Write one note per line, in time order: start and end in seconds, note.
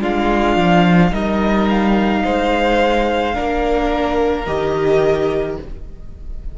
0.00 0.56 G#3
0.00 1.10 D4
0.00 1.12 F4
0.00 1.14 F5
0.56 1.12 F3
1.10 2.23 G3
1.10 3.33 D#4
1.10 2.23 A#4
1.10 1.69 D#5
1.69 4.46 F5
2.24 3.37 G#3
2.24 3.35 C5
3.33 4.47 A#3
3.33 4.44 D4
3.33 5.57 A#4
4.46 5.58 D#3
4.46 5.58 G4
4.46 5.57 D#5